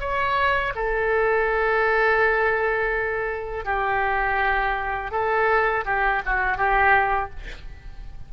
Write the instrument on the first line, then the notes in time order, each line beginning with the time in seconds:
oboe
0.00 C#5
0.75 A4
3.65 G4
5.11 A4
5.85 G4
6.26 F#4
6.57 G4